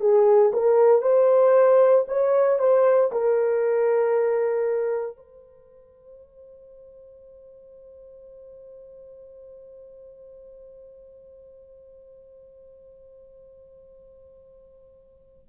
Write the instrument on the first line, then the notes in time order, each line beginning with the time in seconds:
horn
0.00 G#4
0.53 A#4
1.02 C5
2.08 C#5
2.59 C5
3.12 A#4
5.17 C5